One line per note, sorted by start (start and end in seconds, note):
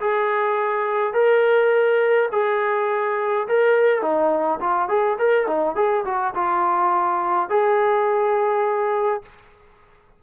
0.00 1.13 G#4
1.13 2.29 A#4
2.32 3.47 G#4
3.47 4.01 A#4
4.01 4.59 D#4
4.60 4.89 F4
4.89 5.17 G#4
5.18 5.47 A#4
5.47 5.75 D#4
5.75 6.04 G#4
6.04 6.33 F#4
6.34 7.49 F4
7.49 9.22 G#4